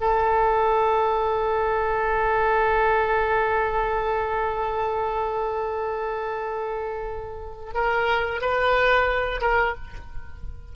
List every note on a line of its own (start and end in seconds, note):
0.00 7.74 A4
7.74 8.41 A#4
8.41 9.41 B4
9.41 9.75 A#4